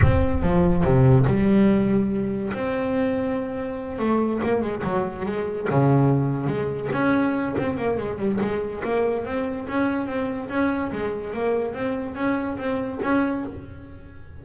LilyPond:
\new Staff \with { instrumentName = "double bass" } { \time 4/4 \tempo 4 = 143 c'4 f4 c4 g4~ | g2 c'2~ | c'4. a4 ais8 gis8 fis8~ | fis8 gis4 cis2 gis8~ |
gis8 cis'4. c'8 ais8 gis8 g8 | gis4 ais4 c'4 cis'4 | c'4 cis'4 gis4 ais4 | c'4 cis'4 c'4 cis'4 | }